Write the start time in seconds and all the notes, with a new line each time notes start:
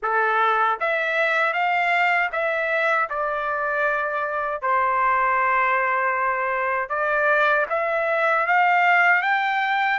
0.02 A4
0.80 E5
1.53 F5
2.31 E5
3.09 D5
4.61 C5
6.88 D5
7.69 E5
8.47 F5
9.22 G5